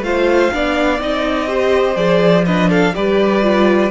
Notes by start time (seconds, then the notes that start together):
0.00 A3 F4 C5 F5
0.52 B3 D4 D5
0.99 C4 D#4 D#5
1.47 G4 C5
1.95 F3 G#4 D5
2.45 D4 B4 D#5
2.69 A4 F5
2.93 G3 G4 B4 D5
3.42 F4